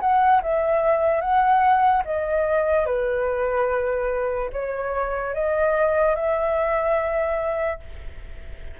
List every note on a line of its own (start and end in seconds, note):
0.00 0.41 F#5
0.42 1.21 E5
1.21 2.03 F#5
2.05 2.85 D#5
2.85 4.50 B4
4.52 5.34 C#5
5.34 6.15 D#5
6.15 7.79 E5